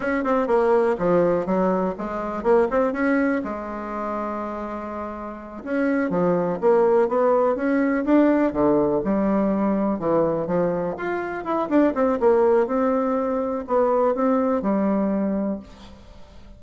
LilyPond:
\new Staff \with { instrumentName = "bassoon" } { \time 4/4 \tempo 4 = 123 cis'8 c'8 ais4 f4 fis4 | gis4 ais8 c'8 cis'4 gis4~ | gis2.~ gis8 cis'8~ | cis'8 f4 ais4 b4 cis'8~ |
cis'8 d'4 d4 g4.~ | g8 e4 f4 f'4 e'8 | d'8 c'8 ais4 c'2 | b4 c'4 g2 | }